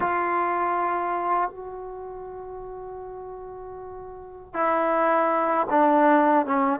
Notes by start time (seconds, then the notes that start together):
0.00 F4
1.50 F#4
4.53 E4
5.70 D4
6.46 C#4